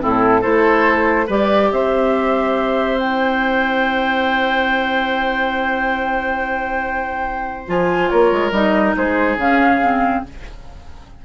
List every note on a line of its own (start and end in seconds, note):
0.00 0.44 A2
0.00 0.41 C4
0.00 0.41 E4
0.00 0.42 A4
0.41 1.28 A3
0.41 1.26 E4
0.41 1.26 A4
0.41 1.27 C5
1.26 1.71 G3
1.26 2.99 G4
1.26 1.69 B4
1.26 1.72 D5
1.71 7.66 C4
1.71 8.10 C5
1.71 2.99 E5
2.99 7.67 E4
2.99 7.67 G5
7.67 8.10 F3
7.67 8.52 F4
7.67 8.09 G#5
8.09 8.31 A#3
8.09 8.95 A#4
8.09 8.51 C#5
8.31 8.51 G#3
8.51 8.93 G3
8.51 9.38 D#4
8.51 8.94 D#5
8.96 9.36 G#3
8.96 10.25 G#4
8.96 9.39 C5
9.36 10.21 C#3
9.36 9.81 C#4
9.36 10.24 F5
9.81 10.24 C4